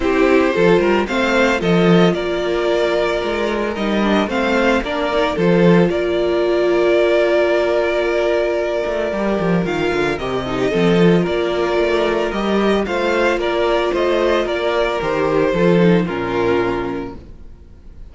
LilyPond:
<<
  \new Staff \with { instrumentName = "violin" } { \time 4/4 \tempo 4 = 112 c''2 f''4 dis''4 | d''2. dis''4 | f''4 d''4 c''4 d''4~ | d''1~ |
d''2 f''4 dis''4~ | dis''4 d''2 dis''4 | f''4 d''4 dis''4 d''4 | c''2 ais'2 | }
  \new Staff \with { instrumentName = "violin" } { \time 4/4 g'4 a'8 ais'8 c''4 a'4 | ais'1 | c''4 ais'4 a'4 ais'4~ | ais'1~ |
ais'2.~ ais'8 a'16 g'16 | a'4 ais'2. | c''4 ais'4 c''4 ais'4~ | ais'4 a'4 f'2 | }
  \new Staff \with { instrumentName = "viola" } { \time 4/4 e'4 f'4 c'4 f'4~ | f'2. dis'8 d'8 | c'4 d'8 dis'8 f'2~ | f'1~ |
f'4 g'4 f'4 g'8 dis'8 | c'8 f'2~ f'8 g'4 | f'1 | g'4 f'8 dis'8 cis'2 | }
  \new Staff \with { instrumentName = "cello" } { \time 4/4 c'4 f8 g8 a4 f4 | ais2 gis4 g4 | a4 ais4 f4 ais4~ | ais1~ |
ais8 a8 g8 f8 dis8 d8 c4 | f4 ais4 a4 g4 | a4 ais4 a4 ais4 | dis4 f4 ais,2 | }
>>